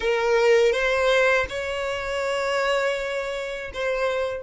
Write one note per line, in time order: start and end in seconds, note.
0.00 0.72 A#4
0.72 1.46 C5
1.49 3.71 C#5
3.73 4.42 C5